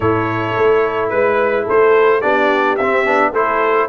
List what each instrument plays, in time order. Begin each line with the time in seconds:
0.00 tuba A2, trombone E4, horn A4, trumpet C#5
0.57 tuba A3
1.09 tuba G#3, trumpet B4, horn B4
1.64 tuba A3, horn A4, trumpet C5
2.21 tuba B3, trombone D4, horn G4, trumpet D5
2.76 tuba C4, trombone C4, trumpet E5
3.05 tuba B3, trombone D4
3.31 tuba A3, trombone E4, horn A4, trumpet C5